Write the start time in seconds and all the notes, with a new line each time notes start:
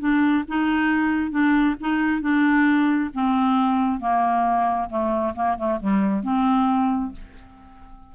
0.00 D4
0.48 D#4
1.31 D4
1.81 D#4
2.22 D4
3.14 C4
4.00 A#3
4.90 A3
5.35 A#3
5.58 A3
5.80 G3
6.23 C4